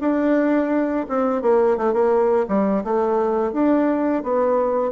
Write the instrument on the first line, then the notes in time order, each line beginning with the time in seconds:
bassoon
0.00 D4
1.09 C4
1.42 A#3
1.77 A3
1.93 A#3
2.48 G3
2.84 A3
3.53 D4
4.23 B3